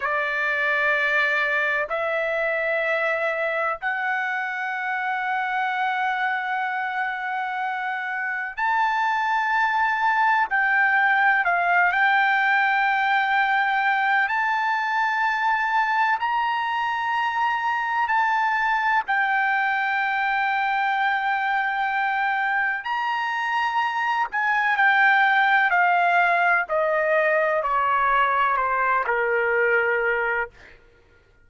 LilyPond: \new Staff \with { instrumentName = "trumpet" } { \time 4/4 \tempo 4 = 63 d''2 e''2 | fis''1~ | fis''4 a''2 g''4 | f''8 g''2~ g''8 a''4~ |
a''4 ais''2 a''4 | g''1 | ais''4. gis''8 g''4 f''4 | dis''4 cis''4 c''8 ais'4. | }